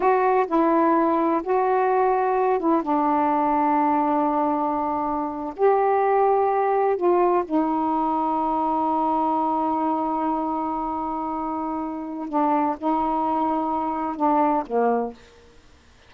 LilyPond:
\new Staff \with { instrumentName = "saxophone" } { \time 4/4 \tempo 4 = 127 fis'4 e'2 fis'4~ | fis'4. e'8 d'2~ | d'2.~ d'8. g'16~ | g'2~ g'8. f'4 dis'16~ |
dis'1~ | dis'1~ | dis'2 d'4 dis'4~ | dis'2 d'4 ais4 | }